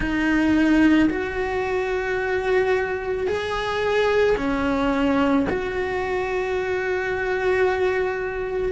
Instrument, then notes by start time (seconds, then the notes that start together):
cello
0.00 D#4
1.09 F#4
3.27 G#4
4.37 C#4
5.49 F#4